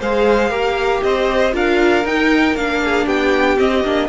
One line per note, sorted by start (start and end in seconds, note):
0.00 0.50 G#3
0.00 0.50 G#4
0.00 0.50 C5
0.00 1.03 F5
0.50 1.01 A#3
0.50 1.53 G4
0.50 1.01 A#4
1.03 1.54 C4
1.03 1.54 C5
1.03 1.54 D#5
1.53 2.05 D4
1.53 2.04 F4
1.53 2.82 A#4
1.53 2.07 F5
2.05 2.55 D#4
2.05 2.57 D#4
2.05 2.56 G5
2.55 3.07 A#3
2.55 3.58 D4
2.55 3.08 F5
2.85 3.06 G#4
3.06 3.58 B3
3.06 4.09 G4
3.06 3.59 G5
3.58 3.83 C4
3.58 3.84 C4
3.58 4.09 D#5
3.84 4.09 A#3
3.84 4.09 D4